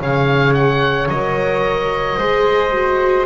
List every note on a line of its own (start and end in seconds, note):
0.00 1.08 C#3
0.00 1.11 G#4
0.00 2.18 C#5
0.00 0.53 F5
0.53 1.08 F#5
1.08 2.17 F#3
1.08 2.20 A#4
1.08 3.26 D#5
2.17 3.26 G#3
2.17 2.72 G#4
2.17 3.26 C5
2.72 3.26 F#4